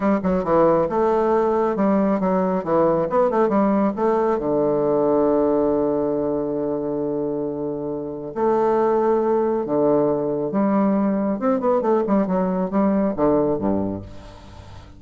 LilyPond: \new Staff \with { instrumentName = "bassoon" } { \time 4/4 \tempo 4 = 137 g8 fis8 e4 a2 | g4 fis4 e4 b8 a8 | g4 a4 d2~ | d1~ |
d2. a4~ | a2 d2 | g2 c'8 b8 a8 g8 | fis4 g4 d4 g,4 | }